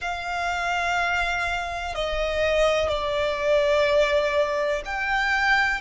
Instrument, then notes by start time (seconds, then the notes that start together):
violin
0.01 F5
1.94 D#5
2.89 D5
4.85 G5